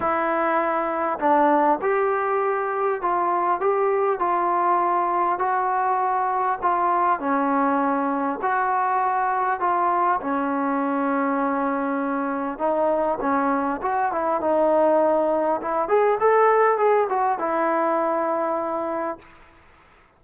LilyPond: \new Staff \with { instrumentName = "trombone" } { \time 4/4 \tempo 4 = 100 e'2 d'4 g'4~ | g'4 f'4 g'4 f'4~ | f'4 fis'2 f'4 | cis'2 fis'2 |
f'4 cis'2.~ | cis'4 dis'4 cis'4 fis'8 e'8 | dis'2 e'8 gis'8 a'4 | gis'8 fis'8 e'2. | }